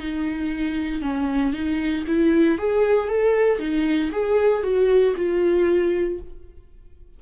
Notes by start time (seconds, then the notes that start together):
0.00 D#4
1.03 C#4
1.53 D#4
2.07 E4
2.59 G#4
3.09 A4
3.59 D#4
4.12 G#4
4.64 F#4
5.17 F4